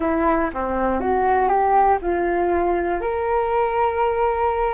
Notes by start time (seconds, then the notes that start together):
0.00 E4
0.53 C4
1.00 F#4
1.48 G4
2.01 F4
3.00 A#4